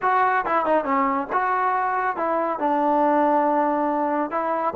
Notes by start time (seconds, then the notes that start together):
0.02 F#4
0.45 E4
0.65 D#4
0.84 C#4
1.32 F#4
2.16 E4
2.59 D4
4.30 E4